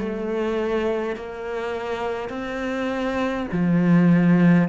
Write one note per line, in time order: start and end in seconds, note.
0.00 1.17 A3
1.17 2.30 A#3
2.30 3.48 C4
3.52 4.69 F3